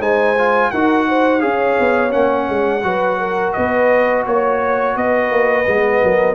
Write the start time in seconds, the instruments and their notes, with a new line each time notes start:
0.00 tuba G#3, trombone D#4, horn C5, trumpet G#5
0.38 trombone F4
0.71 tuba D#4, trombone F#4, horn A#4, trumpet F#5
1.08 horn C5
1.40 tuba C#4, trombone G#4, horn C#5, trumpet F5
1.79 tuba B3
2.10 tuba A#3, trombone C#4, trumpet F#5
2.49 tuba G#3
2.83 tuba F#3, trombone F#4, horn B4
3.19 horn A#4
3.52 tuba B3, horn B4, trumpet D#5
4.26 tuba A#3, horn C#5, trumpet C#5
4.96 tuba B3, horn B4, trumpet D#5
5.31 tuba A#3
5.67 tuba G#3, trombone B3
6.03 tuba F#3, horn A#4